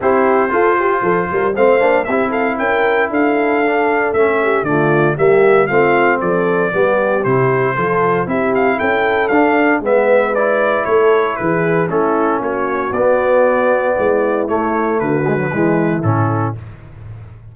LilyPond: <<
  \new Staff \with { instrumentName = "trumpet" } { \time 4/4 \tempo 4 = 116 c''2. f''4 | e''8 f''8 g''4 f''2 | e''4 d''4 e''4 f''4 | d''2 c''2 |
e''8 f''8 g''4 f''4 e''4 | d''4 cis''4 b'4 a'4 | cis''4 d''2. | cis''4 b'2 a'4 | }
  \new Staff \with { instrumentName = "horn" } { \time 4/4 g'4 a'8 g'8 a'8 ais'8 c''4 | g'8 a'8 ais'4 a'2~ | a'8 g'8 f'4 g'4 f'4 | a'4 g'2 a'4 |
g'4 a'2 b'4~ | b'4 a'4 gis'4 e'4 | fis'2. e'4~ | e'4 fis'4 e'2 | }
  \new Staff \with { instrumentName = "trombone" } { \time 4/4 e'4 f'2 c'8 d'8 | e'2. d'4 | cis'4 a4 ais4 c'4~ | c'4 b4 e'4 f'4 |
e'2 d'4 b4 | e'2. cis'4~ | cis'4 b2. | a4. gis16 fis16 gis4 cis'4 | }
  \new Staff \with { instrumentName = "tuba" } { \time 4/4 c'4 f'4 f8 g8 a8 ais8 | c'4 cis'4 d'2 | a4 d4 g4 a4 | f4 g4 c4 f4 |
c'4 cis'4 d'4 gis4~ | gis4 a4 e4 a4 | ais4 b2 gis4 | a4 d4 e4 a,4 | }
>>